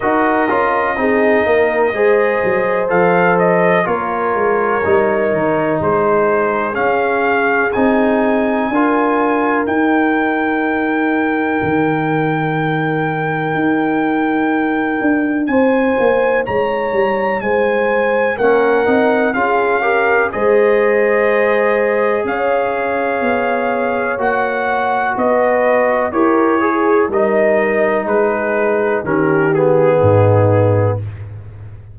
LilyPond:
<<
  \new Staff \with { instrumentName = "trumpet" } { \time 4/4 \tempo 4 = 62 dis''2. f''8 dis''8 | cis''2 c''4 f''4 | gis''2 g''2~ | g''1 |
gis''4 ais''4 gis''4 fis''4 | f''4 dis''2 f''4~ | f''4 fis''4 dis''4 cis''4 | dis''4 b'4 ais'8 gis'4. | }
  \new Staff \with { instrumentName = "horn" } { \time 4/4 ais'4 gis'8 ais'8 c''2 | ais'2 gis'2~ | gis'4 ais'2.~ | ais'1 |
c''4 cis''4 c''4 ais'4 | gis'8 ais'8 c''2 cis''4~ | cis''2 b'4 ais'8 gis'8 | ais'4 gis'4 g'4 dis'4 | }
  \new Staff \with { instrumentName = "trombone" } { \time 4/4 fis'8 f'8 dis'4 gis'4 a'4 | f'4 dis'2 cis'4 | dis'4 f'4 dis'2~ | dis'1~ |
dis'2. cis'8 dis'8 | f'8 g'8 gis'2.~ | gis'4 fis'2 g'8 gis'8 | dis'2 cis'8 b4. | }
  \new Staff \with { instrumentName = "tuba" } { \time 4/4 dis'8 cis'8 c'8 ais8 gis8 fis8 f4 | ais8 gis8 g8 dis8 gis4 cis'4 | c'4 d'4 dis'2 | dis2 dis'4. d'8 |
c'8 ais8 gis8 g8 gis4 ais8 c'8 | cis'4 gis2 cis'4 | b4 ais4 b4 e'4 | g4 gis4 dis4 gis,4 | }
>>